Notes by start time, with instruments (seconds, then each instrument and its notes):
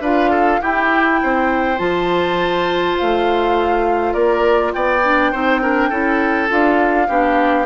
0.00 bassoon D4, clarinet F4, oboe B4, flute F5
0.31 oboe A4
0.61 clarinet E4, bassoon E4, oboe G4, flute G5
1.23 bassoon C4, oboe C5
1.77 bassoon F3, clarinet F4, flute A5
2.98 bassoon A3, flute F5
4.13 bassoon A#3, oboe A#4, flute D5
4.73 bassoon B3, oboe D5, flute G5
5.04 clarinet D4
5.31 bassoon C4, clarinet D#4, oboe C5
5.62 clarinet D4, oboe A#4
5.89 bassoon C#4, clarinet E4, oboe A4
6.48 bassoon D4, clarinet F4, flute F5
7.08 bassoon B3, clarinet D4, oboe G4